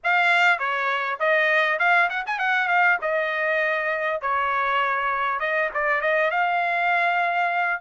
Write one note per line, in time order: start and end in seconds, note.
0.03 0.58 F5
0.58 1.18 C#5
1.19 1.79 D#5
1.79 2.09 F5
2.09 2.24 F#5
2.26 2.38 G#5
2.38 2.68 F#5
2.68 2.98 F5
3.01 4.21 D#5
4.21 5.39 C#5
5.39 5.69 D#5
5.74 6.01 D5
6.01 6.31 D#5
6.31 7.80 F5